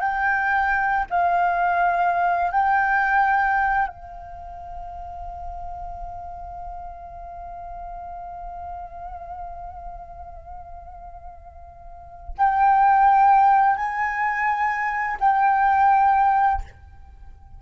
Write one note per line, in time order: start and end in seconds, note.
0.00 1.06 G5
1.10 2.51 F5
2.51 3.88 G5
3.88 12.35 F5
12.38 13.76 G5
13.76 15.17 G#5
15.20 16.61 G5